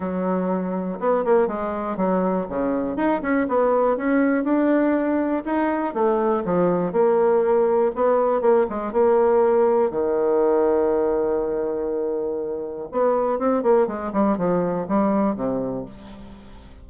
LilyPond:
\new Staff \with { instrumentName = "bassoon" } { \time 4/4 \tempo 4 = 121 fis2 b8 ais8 gis4 | fis4 cis4 dis'8 cis'8 b4 | cis'4 d'2 dis'4 | a4 f4 ais2 |
b4 ais8 gis8 ais2 | dis1~ | dis2 b4 c'8 ais8 | gis8 g8 f4 g4 c4 | }